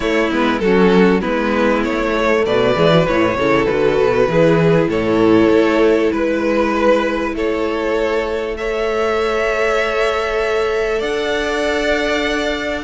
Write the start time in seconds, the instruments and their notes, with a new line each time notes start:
0.00 cello A3, viola A3, violin E4 C#5
0.30 cello G#3, viola B3, violin B4
0.59 cello F#3, viola C#4, violin F#4 A4
1.21 cello G#3, viola B3, violin E4 B4
1.84 cello A3, violin C#5
2.16 viola A3
2.45 cello B2, violin B4 D5
2.75 cello E3, viola G#3
2.91 viola F#3
3.06 cello A2, viola E3, violin C#5
3.36 cello C#3, viola E4, violin A4
3.65 cello D3, viola F#4, violin B4
4.00 cello B2
4.27 cello E3, viola E4, violin G#4
4.87 cello A2, violin A4 C#5
5.49 cello A3
6.11 cello G#3, violin B4
7.34 cello A3, violin A4 C#5
8.57 viola A4, violin C#5 E5
10.98 cello D4, violin D5 F#5